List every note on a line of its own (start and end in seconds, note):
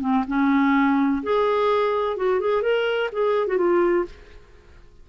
0.00 0.24 C4
0.27 1.23 C#4
1.23 2.16 G#4
2.16 2.40 F#4
2.40 2.62 G#4
2.62 3.10 A#4
3.12 3.47 G#4
3.47 3.57 F#4
3.57 4.05 F4